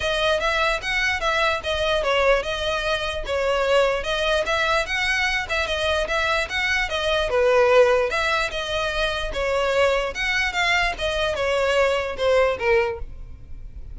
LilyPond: \new Staff \with { instrumentName = "violin" } { \time 4/4 \tempo 4 = 148 dis''4 e''4 fis''4 e''4 | dis''4 cis''4 dis''2 | cis''2 dis''4 e''4 | fis''4. e''8 dis''4 e''4 |
fis''4 dis''4 b'2 | e''4 dis''2 cis''4~ | cis''4 fis''4 f''4 dis''4 | cis''2 c''4 ais'4 | }